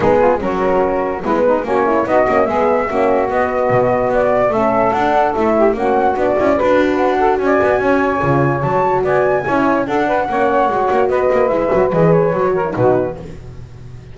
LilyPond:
<<
  \new Staff \with { instrumentName = "flute" } { \time 4/4 \tempo 4 = 146 gis'4 ais'2 b'4 | cis''4 dis''4 e''2 | dis''2 d''4 e''4 | fis''4 e''4 fis''4 d''4 |
b'4 fis''4 gis''2~ | gis''4 a''4 gis''2 | fis''2. dis''4 | e''4 dis''8 cis''4. b'4 | }
  \new Staff \with { instrumentName = "saxophone" } { \time 4/4 dis'8 f'8 fis'2 e'8 dis'8 | cis'4 fis'4 gis'4 fis'4~ | fis'2. a'4~ | a'4. g'8 fis'2 |
b'4. a'8 d''4 cis''4~ | cis''2 d''4 cis''4 | a'8 b'8 cis''2 b'4~ | b'2~ b'8 ais'8 fis'4 | }
  \new Staff \with { instrumentName = "horn" } { \time 4/4 b4 cis'2 b4 | fis'8 e'8 dis'8 cis'8 b4 cis'4 | b2. cis'4 | d'4 e'4 cis'4 d'8 e'8 |
fis'1 | f'4 fis'2 e'4 | d'4 cis'4 fis'2 | e'8 fis'8 gis'4 fis'8. e'16 dis'4 | }
  \new Staff \with { instrumentName = "double bass" } { \time 4/4 gis4 fis2 gis4 | ais4 b8 ais8 gis4 ais4 | b4 b,4 b4 a4 | d'4 a4 ais4 b8 cis'8 |
d'2 cis'8 b8 cis'4 | cis4 fis4 b4 cis'4 | d'4 ais4 gis8 ais8 b8 ais8 | gis8 fis8 e4 fis4 b,4 | }
>>